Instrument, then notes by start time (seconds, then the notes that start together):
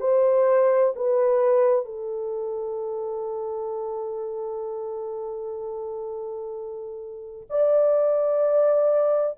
horn
0.00 C5
0.96 B4
1.85 A4
7.50 D5